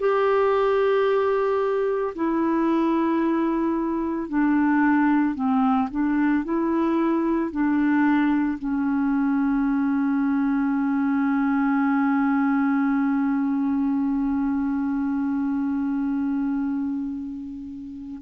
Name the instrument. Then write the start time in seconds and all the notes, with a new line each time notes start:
clarinet
0.00 G4
2.16 E4
4.29 D4
5.35 C4
5.91 D4
6.44 E4
7.51 D4
8.59 C#4